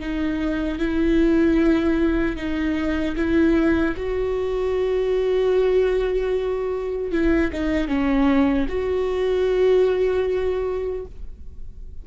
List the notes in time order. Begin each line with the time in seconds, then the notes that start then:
0.00 D#4
0.79 E4
2.36 D#4
3.17 E4
3.97 F#4
7.12 E4
7.53 D#4
7.88 C#4
8.69 F#4